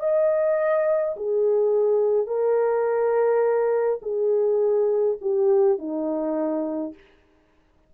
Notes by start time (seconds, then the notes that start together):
0.00 D#5
1.16 G#4
2.27 A#4
4.02 G#4
5.21 G4
5.78 D#4